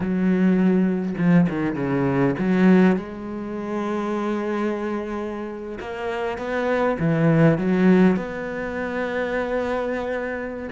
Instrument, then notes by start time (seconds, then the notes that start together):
cello
0.00 F#3
1.17 F3
1.49 D#3
1.75 C#3
2.38 F#3
2.96 G#3
5.79 A#3
6.38 B3
6.99 E3
7.57 F#3
8.16 B3